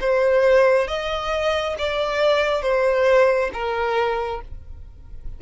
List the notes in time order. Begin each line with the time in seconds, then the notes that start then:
0.00 C5
0.87 D#5
1.78 D5
2.62 C5
3.53 A#4